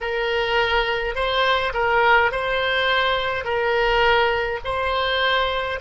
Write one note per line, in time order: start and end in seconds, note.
0.01 1.15 A#4
1.15 1.73 C5
1.73 2.31 A#4
2.31 3.44 C5
3.44 4.59 A#4
4.64 5.80 C5